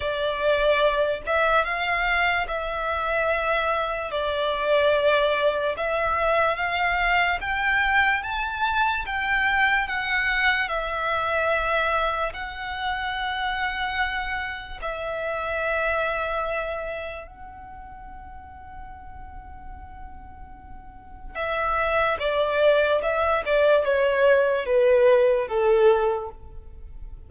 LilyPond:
\new Staff \with { instrumentName = "violin" } { \time 4/4 \tempo 4 = 73 d''4. e''8 f''4 e''4~ | e''4 d''2 e''4 | f''4 g''4 a''4 g''4 | fis''4 e''2 fis''4~ |
fis''2 e''2~ | e''4 fis''2.~ | fis''2 e''4 d''4 | e''8 d''8 cis''4 b'4 a'4 | }